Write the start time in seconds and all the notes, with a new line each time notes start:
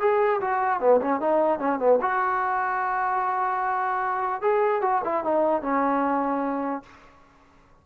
0.00 G#4
0.41 F#4
0.80 B3
1.01 C#4
1.20 D#4
1.59 C#4
1.79 B3
2.01 F#4
4.42 G#4
4.82 F#4
5.04 E4
5.24 D#4
5.62 C#4